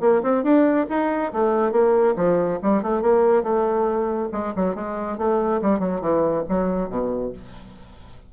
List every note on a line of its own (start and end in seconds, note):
0.00 0.21 A#3
0.22 0.43 C4
0.43 0.86 D4
0.89 1.32 D#4
1.32 1.71 A3
1.71 2.14 A#3
2.16 2.59 F3
2.62 2.82 G3
2.82 3.01 A3
3.01 3.43 A#3
3.43 4.28 A3
4.32 4.53 G#3
4.56 4.75 F#3
4.75 5.17 G#3
5.18 5.60 A3
5.62 5.79 G3
5.79 6.01 F#3
6.01 6.43 E3
6.48 6.89 F#3
6.89 7.32 B2